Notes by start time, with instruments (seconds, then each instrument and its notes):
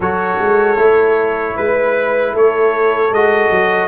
0.00 tuba F#3, trombone F#4, horn A4, trumpet C#5
0.39 tuba G#3
0.77 tuba A3, trombone E4
1.55 tuba G#3, horn B4, trumpet B4
2.33 tuba A3, horn A4, trumpet C#5
3.11 tuba G#3, trombone F#4, trumpet D#5
3.50 tuba F#3